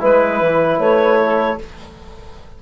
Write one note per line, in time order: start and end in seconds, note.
0.00 0.41 G#3
0.00 1.58 E4
0.00 1.20 B4
0.00 0.80 B4
0.41 0.79 E3
0.79 1.58 A3
0.79 1.59 C#5
1.23 1.62 A4